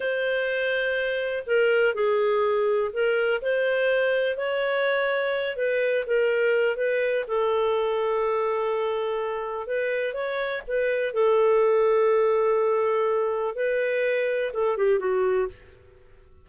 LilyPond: \new Staff \with { instrumentName = "clarinet" } { \time 4/4 \tempo 4 = 124 c''2. ais'4 | gis'2 ais'4 c''4~ | c''4 cis''2~ cis''8 b'8~ | b'8 ais'4. b'4 a'4~ |
a'1 | b'4 cis''4 b'4 a'4~ | a'1 | b'2 a'8 g'8 fis'4 | }